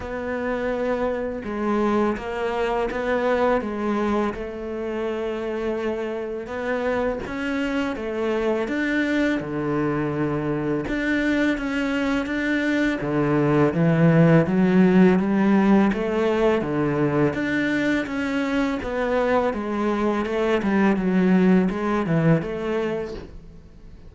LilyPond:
\new Staff \with { instrumentName = "cello" } { \time 4/4 \tempo 4 = 83 b2 gis4 ais4 | b4 gis4 a2~ | a4 b4 cis'4 a4 | d'4 d2 d'4 |
cis'4 d'4 d4 e4 | fis4 g4 a4 d4 | d'4 cis'4 b4 gis4 | a8 g8 fis4 gis8 e8 a4 | }